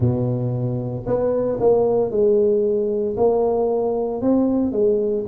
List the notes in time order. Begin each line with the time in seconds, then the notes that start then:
0.00 B2
1.06 B3
1.59 A#3
2.11 G#3
3.16 A#3
4.21 C4
4.72 G#3